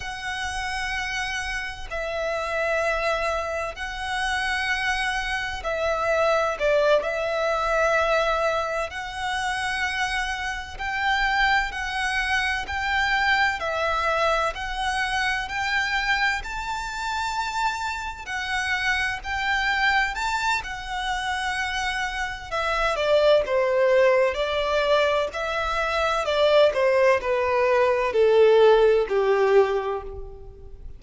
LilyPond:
\new Staff \with { instrumentName = "violin" } { \time 4/4 \tempo 4 = 64 fis''2 e''2 | fis''2 e''4 d''8 e''8~ | e''4. fis''2 g''8~ | g''8 fis''4 g''4 e''4 fis''8~ |
fis''8 g''4 a''2 fis''8~ | fis''8 g''4 a''8 fis''2 | e''8 d''8 c''4 d''4 e''4 | d''8 c''8 b'4 a'4 g'4 | }